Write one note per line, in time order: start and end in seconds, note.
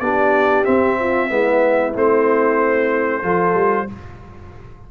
0.00 0.65 B3
0.00 0.65 D4
0.00 0.99 G4
0.00 0.65 D5
0.65 1.29 C4
0.65 1.30 C4
0.65 1.94 E5
1.00 1.30 F4
1.29 1.95 G#3
1.29 1.94 B3
1.29 3.23 E4
1.94 3.23 A3
1.94 3.23 C4
1.94 3.91 C5
3.23 3.55 F3
3.23 3.87 F4
3.23 3.88 A4
3.55 3.87 G3